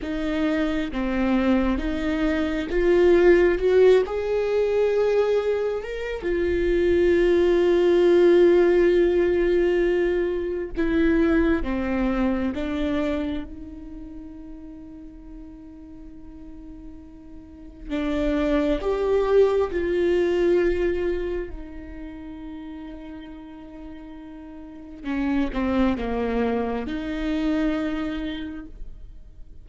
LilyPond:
\new Staff \with { instrumentName = "viola" } { \time 4/4 \tempo 4 = 67 dis'4 c'4 dis'4 f'4 | fis'8 gis'2 ais'8 f'4~ | f'1 | e'4 c'4 d'4 dis'4~ |
dis'1 | d'4 g'4 f'2 | dis'1 | cis'8 c'8 ais4 dis'2 | }